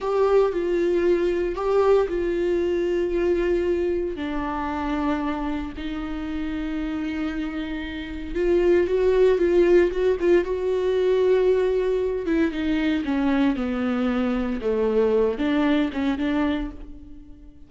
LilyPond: \new Staff \with { instrumentName = "viola" } { \time 4/4 \tempo 4 = 115 g'4 f'2 g'4 | f'1 | d'2. dis'4~ | dis'1 |
f'4 fis'4 f'4 fis'8 f'8 | fis'2.~ fis'8 e'8 | dis'4 cis'4 b2 | a4. d'4 cis'8 d'4 | }